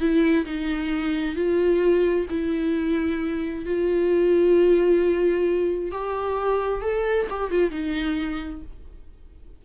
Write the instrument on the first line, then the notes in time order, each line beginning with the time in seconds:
viola
0.00 E4
0.46 D#4
1.36 F4
2.30 E4
3.65 F4
5.92 G4
6.82 A4
7.30 G4
7.51 F4
7.71 D#4